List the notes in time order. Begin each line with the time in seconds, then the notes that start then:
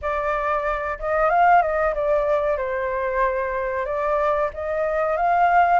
0.01 D5
0.99 D#5
1.29 F5
1.61 D#5
1.94 D5
2.57 C5
3.85 D5
4.53 D#5
5.16 F5